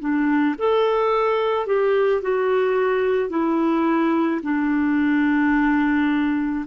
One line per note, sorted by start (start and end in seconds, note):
0.00 0.56 D4
0.59 1.67 A4
1.67 2.22 G4
2.22 3.30 F#4
3.30 4.41 E4
4.43 6.66 D4